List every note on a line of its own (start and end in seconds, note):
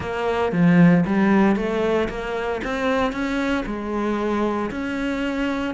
0.00 0.52 A#3
0.52 1.04 F3
1.06 1.56 G3
1.56 2.08 A3
2.09 2.61 A#3
2.64 3.12 C4
3.12 3.64 C#4
3.65 4.70 G#3
4.70 5.74 C#4